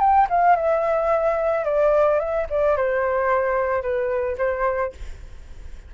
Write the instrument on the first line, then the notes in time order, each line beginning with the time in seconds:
flute
0.00 G5
0.30 F5
0.56 E5
1.65 D5
2.20 E5
2.50 D5
2.77 C5
3.83 B4
4.38 C5